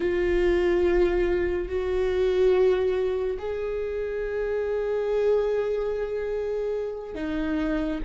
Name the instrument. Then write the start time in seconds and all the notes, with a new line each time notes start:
viola
0.00 F4
1.68 F#4
3.38 G#4
7.14 D#4